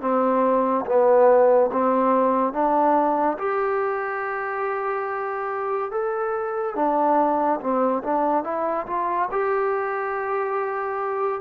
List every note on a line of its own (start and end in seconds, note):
0.00 0.85 C4
0.85 1.70 B3
1.72 2.53 C4
2.53 3.37 D4
3.38 5.90 G4
5.90 6.75 A4
6.75 7.59 D4
7.60 8.02 C4
8.03 8.44 D4
8.44 8.86 E4
8.86 9.28 F4
9.31 11.41 G4